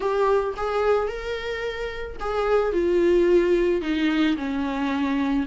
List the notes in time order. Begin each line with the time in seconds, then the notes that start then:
0.00 G4
0.57 G#4
1.07 A#4
2.20 G#4
2.72 F4
3.81 D#4
4.37 C#4